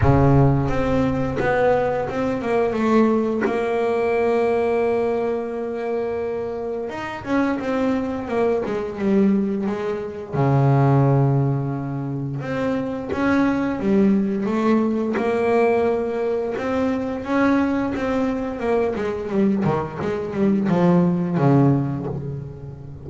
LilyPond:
\new Staff \with { instrumentName = "double bass" } { \time 4/4 \tempo 4 = 87 cis4 c'4 b4 c'8 ais8 | a4 ais2.~ | ais2 dis'8 cis'8 c'4 | ais8 gis8 g4 gis4 cis4~ |
cis2 c'4 cis'4 | g4 a4 ais2 | c'4 cis'4 c'4 ais8 gis8 | g8 dis8 gis8 g8 f4 cis4 | }